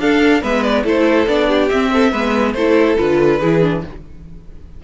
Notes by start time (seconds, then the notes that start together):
0.00 D4 A4 F5
0.41 G#3 B3 B4 E5
0.63 D5
0.84 A3 E4 A4 C5
1.27 B3 D4 D5
1.48 G4
1.69 C4 E5
1.93 A4
2.12 G#3 B3 B4
2.54 A3 E4 A4 C5
2.97 D3 F4 B4
3.39 E3 E4 G#4
3.62 D4